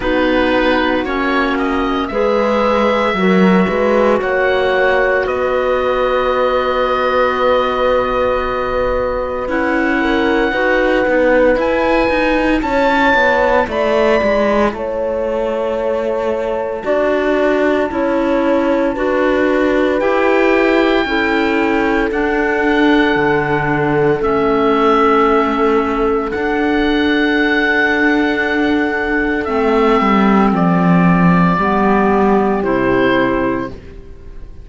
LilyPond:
<<
  \new Staff \with { instrumentName = "oboe" } { \time 4/4 \tempo 4 = 57 b'4 cis''8 dis''8 e''2 | fis''4 dis''2.~ | dis''4 fis''2 gis''4 | a''4 b''4 a''2~ |
a''2. g''4~ | g''4 fis''2 e''4~ | e''4 fis''2. | e''4 d''2 c''4 | }
  \new Staff \with { instrumentName = "horn" } { \time 4/4 fis'2 b'4 ais'8 b'8 | cis''4 b'2.~ | b'4. ais'8 b'2 | cis''4 d''4 cis''2 |
d''4 cis''4 b'2 | a'1~ | a'1~ | a'2 g'2 | }
  \new Staff \with { instrumentName = "clarinet" } { \time 4/4 dis'4 cis'4 gis'4 fis'4~ | fis'1~ | fis'4 e'4 fis'8 dis'8 e'4~ | e'1 |
fis'4 e'4 fis'4 g'4 | e'4 d'2 cis'4~ | cis'4 d'2. | c'2 b4 e'4 | }
  \new Staff \with { instrumentName = "cello" } { \time 4/4 b4 ais4 gis4 fis8 gis8 | ais4 b2.~ | b4 cis'4 dis'8 b8 e'8 dis'8 | cis'8 b8 a8 gis8 a2 |
d'4 cis'4 d'4 e'4 | cis'4 d'4 d4 a4~ | a4 d'2. | a8 g8 f4 g4 c4 | }
>>